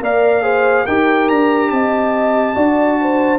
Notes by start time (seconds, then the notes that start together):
0.00 A#3 A#4 D5 F5
0.42 G#4 C5
0.85 D#4 G4 A#4 G5
1.29 D4 A#5
1.70 C4 D#5 A5
2.55 D4 F#4 D5
3.01 C5